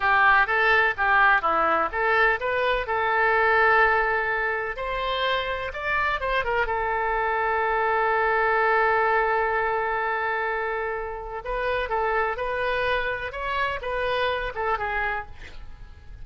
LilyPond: \new Staff \with { instrumentName = "oboe" } { \time 4/4 \tempo 4 = 126 g'4 a'4 g'4 e'4 | a'4 b'4 a'2~ | a'2 c''2 | d''4 c''8 ais'8 a'2~ |
a'1~ | a'1 | b'4 a'4 b'2 | cis''4 b'4. a'8 gis'4 | }